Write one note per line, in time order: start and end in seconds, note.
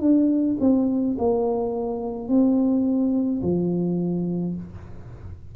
0.00 0.57 D4
0.60 1.16 C4
1.18 2.28 A#3
2.28 3.42 C4
3.42 4.55 F3